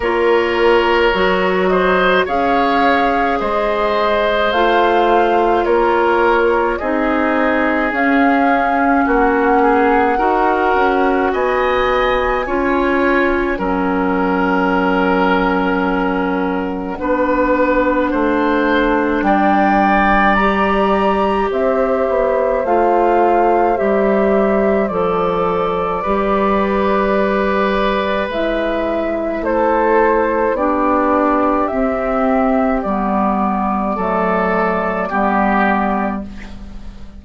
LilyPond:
<<
  \new Staff \with { instrumentName = "flute" } { \time 4/4 \tempo 4 = 53 cis''4. dis''8 f''4 dis''4 | f''4 cis''4 dis''4 f''4 | fis''2 gis''2 | fis''1~ |
fis''4 g''4 ais''4 e''4 | f''4 e''4 d''2~ | d''4 e''4 c''4 d''4 | e''4 d''2. | }
  \new Staff \with { instrumentName = "oboe" } { \time 4/4 ais'4. c''8 cis''4 c''4~ | c''4 ais'4 gis'2 | fis'8 gis'8 ais'4 dis''4 cis''4 | ais'2. b'4 |
c''4 d''2 c''4~ | c''2. b'4~ | b'2 a'4 g'4~ | g'2 a'4 g'4 | }
  \new Staff \with { instrumentName = "clarinet" } { \time 4/4 f'4 fis'4 gis'2 | f'2 dis'4 cis'4~ | cis'4 fis'2 f'4 | cis'2. d'4~ |
d'2 g'2 | f'4 g'4 a'4 g'4~ | g'4 e'2 d'4 | c'4 b4 a4 b4 | }
  \new Staff \with { instrumentName = "bassoon" } { \time 4/4 ais4 fis4 cis'4 gis4 | a4 ais4 c'4 cis'4 | ais4 dis'8 cis'8 b4 cis'4 | fis2. b4 |
a4 g2 c'8 b8 | a4 g4 f4 g4~ | g4 gis4 a4 b4 | c'4 g4 fis4 g4 | }
>>